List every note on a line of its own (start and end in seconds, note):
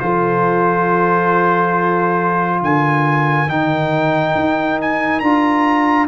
0.00 2.62 F3
0.00 3.48 F4
0.00 2.63 A4
0.00 2.61 C5
2.62 3.48 D3
2.62 6.08 A#4
2.62 3.49 G#5
3.48 4.35 D#3
3.48 5.23 D#4
3.48 4.80 G5
4.35 5.22 D#4
4.82 5.20 G#5
5.20 6.08 D4
5.20 6.08 F4
5.20 6.07 A#5